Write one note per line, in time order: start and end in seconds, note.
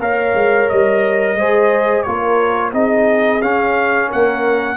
0.00 0.34 A#3
0.00 1.38 A#4
0.00 1.38 C#5
0.00 0.69 F5
0.35 0.69 G#3
0.69 1.36 G3
0.69 2.03 D#5
1.36 2.04 G#3
1.36 2.07 G#4
1.36 2.06 C5
2.03 2.74 A#3
2.03 2.73 F4
2.03 2.74 A#4
2.03 2.71 C#5
2.73 3.42 C4
2.73 3.41 D#4
2.73 4.09 G#4
2.73 3.42 D#5
3.42 4.10 C#4
3.42 4.77 C#4
3.42 4.10 F5
4.09 4.77 A#3
4.09 4.77 A#4
4.09 4.77 F#5